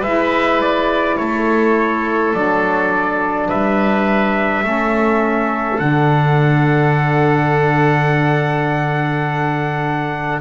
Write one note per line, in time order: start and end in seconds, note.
0.00 1.16 G#3
0.00 2.35 E4
0.00 1.15 B4
0.00 0.61 E5
0.61 1.18 D5
1.18 2.34 A3
1.18 3.49 A4
1.18 2.33 C#5
2.34 3.50 F#3
2.34 4.64 D4
2.34 3.49 D5
3.49 4.64 G3
3.49 4.64 B4
3.49 5.79 E5
4.64 5.80 A3
4.64 5.79 C#4
4.64 10.41 A4
5.79 10.41 D3
5.79 10.41 D4
5.79 10.41 F#5